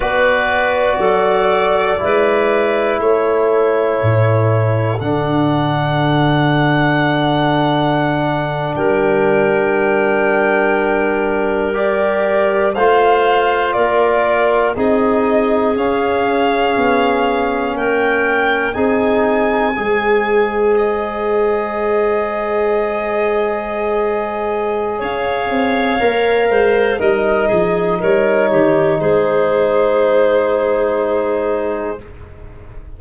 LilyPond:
<<
  \new Staff \with { instrumentName = "violin" } { \time 4/4 \tempo 4 = 60 d''2. cis''4~ | cis''4 fis''2.~ | fis''8. g''2. d''16~ | d''8. f''4 d''4 dis''4 f''16~ |
f''4.~ f''16 g''4 gis''4~ gis''16~ | gis''8. dis''2.~ dis''16~ | dis''4 f''2 dis''4 | cis''4 c''2. | }
  \new Staff \with { instrumentName = "clarinet" } { \time 4/4 b'4 a'4 b'4 a'4~ | a'1~ | a'8. ais'2.~ ais'16~ | ais'8. c''4 ais'4 gis'4~ gis'16~ |
gis'4.~ gis'16 ais'4 gis'4 c''16~ | c''1~ | c''4 cis''4. c''8 ais'8 gis'8 | ais'8 g'8 gis'2. | }
  \new Staff \with { instrumentName = "trombone" } { \time 4/4 fis'2 e'2~ | e'4 d'2.~ | d'2.~ d'8. g'16~ | g'8. f'2 dis'4 cis'16~ |
cis'2~ cis'8. dis'4 gis'16~ | gis'1~ | gis'2 ais'4 dis'4~ | dis'1 | }
  \new Staff \with { instrumentName = "tuba" } { \time 4/4 b4 fis4 gis4 a4 | a,4 d2.~ | d8. g2.~ g16~ | g8. a4 ais4 c'4 cis'16~ |
cis'8. b4 ais4 c'4 gis16~ | gis1~ | gis4 cis'8 c'8 ais8 gis8 g8 f8 | g8 dis8 gis2. | }
>>